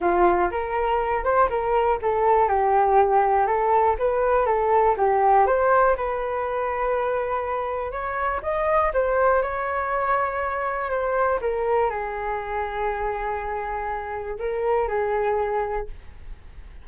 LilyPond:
\new Staff \with { instrumentName = "flute" } { \time 4/4 \tempo 4 = 121 f'4 ais'4. c''8 ais'4 | a'4 g'2 a'4 | b'4 a'4 g'4 c''4 | b'1 |
cis''4 dis''4 c''4 cis''4~ | cis''2 c''4 ais'4 | gis'1~ | gis'4 ais'4 gis'2 | }